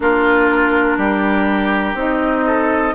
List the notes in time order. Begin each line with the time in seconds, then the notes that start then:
0.00 A#3 D4 F4 A#4
0.97 G3 G4
1.93 C4 D#4 D#5
2.46 A4